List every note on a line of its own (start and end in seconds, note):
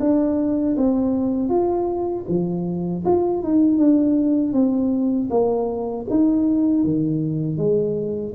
0.00 0.76 D4
0.76 1.49 C4
1.49 2.25 F4
2.28 3.04 F3
3.05 3.43 F4
3.43 3.78 D#4
3.78 4.53 D4
4.53 5.29 C4
5.30 6.06 A#3
6.10 6.84 D#4
6.84 7.57 D#3
7.57 8.33 G#3